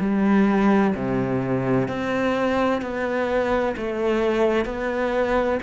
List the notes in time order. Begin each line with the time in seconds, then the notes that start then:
0.00 G3
0.95 C3
1.88 C4
2.82 B3
3.77 A3
4.65 B3